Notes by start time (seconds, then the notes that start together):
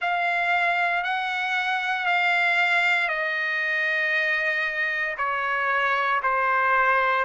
0.00 F5
1.03 F#5
2.05 F5
3.08 D#5
5.17 C#5
6.23 C5